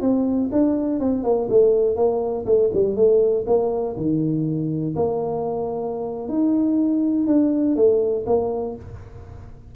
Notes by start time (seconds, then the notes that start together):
0.00 C4
0.51 D4
0.99 C4
1.23 A#3
1.49 A3
1.96 A#3
2.45 A3
2.73 G3
2.96 A3
3.46 A#3
3.96 D#3
4.95 A#3
6.28 D#4
7.27 D4
7.75 A3
8.26 A#3